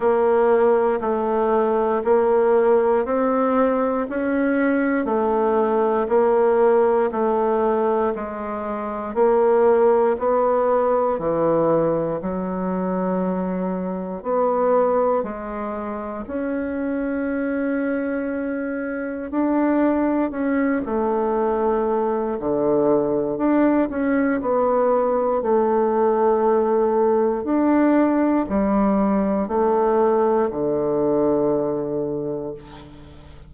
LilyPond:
\new Staff \with { instrumentName = "bassoon" } { \time 4/4 \tempo 4 = 59 ais4 a4 ais4 c'4 | cis'4 a4 ais4 a4 | gis4 ais4 b4 e4 | fis2 b4 gis4 |
cis'2. d'4 | cis'8 a4. d4 d'8 cis'8 | b4 a2 d'4 | g4 a4 d2 | }